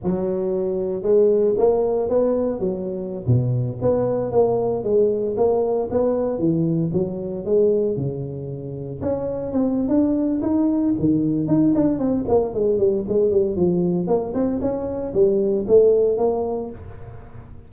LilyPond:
\new Staff \with { instrumentName = "tuba" } { \time 4/4 \tempo 4 = 115 fis2 gis4 ais4 | b4 fis4~ fis16 b,4 b8.~ | b16 ais4 gis4 ais4 b8.~ | b16 e4 fis4 gis4 cis8.~ |
cis4~ cis16 cis'4 c'8. d'4 | dis'4 dis4 dis'8 d'8 c'8 ais8 | gis8 g8 gis8 g8 f4 ais8 c'8 | cis'4 g4 a4 ais4 | }